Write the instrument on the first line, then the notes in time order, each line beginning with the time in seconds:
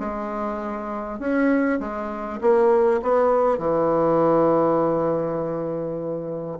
bassoon
0.00 G#3
1.19 C#4
1.80 G#3
2.41 A#3
3.02 B3
3.58 E3